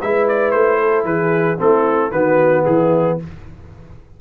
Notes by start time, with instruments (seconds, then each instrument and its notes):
0.00 tuba G#3, trombone E4, horn B4, trumpet E5
0.28 trumpet D5
0.51 tuba A3, trumpet C5
0.80 horn A4
1.04 tuba E3, horn G#4, trumpet B4
1.58 tuba A3, trombone C4, horn E4, trumpet A4
2.11 tuba D#3, trombone B3, horn F#4, trumpet B4
2.65 tuba E3, horn E4, trumpet G#4